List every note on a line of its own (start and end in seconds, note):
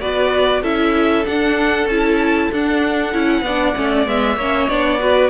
0.00 0.62 B3
0.00 0.63 F#4
0.00 0.62 B4
0.00 0.62 D5
0.62 1.25 C#4
0.62 1.24 E4
0.62 3.43 A4
0.62 1.25 E5
1.24 1.87 D4
1.24 1.86 D4
1.24 1.88 F#5
1.86 2.49 C#4
1.86 2.53 E4
1.86 2.50 A5
2.51 3.13 D4
2.51 3.12 D4
2.51 4.07 F#5
3.12 3.41 C#4
3.12 3.43 E4
3.41 3.72 B3
3.41 3.75 D4
3.41 4.37 D5
3.75 4.07 A3
3.75 4.05 C#4
4.05 4.36 G#3
4.05 4.36 B3
4.05 4.68 E5
4.36 4.67 A#3
4.36 4.69 C#4
4.36 4.99 C#5
4.68 5.30 B3
4.68 4.99 D4
4.68 5.30 D5
4.99 5.30 F#4
4.99 5.30 B4